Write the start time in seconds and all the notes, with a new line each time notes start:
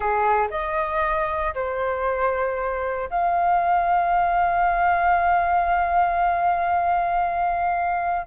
0.00 G#4
0.50 D#5
1.54 C5
3.10 F5